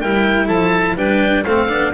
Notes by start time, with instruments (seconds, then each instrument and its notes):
0.00 double bass G3, cello E4, clarinet A#4, oboe G5
0.46 double bass F3, clarinet A4, oboe A5
0.95 double bass G3, cello D4, clarinet B4, oboe G5
1.44 double bass A3, cello C4, clarinet A4, oboe F5
1.68 double bass B3, cello D4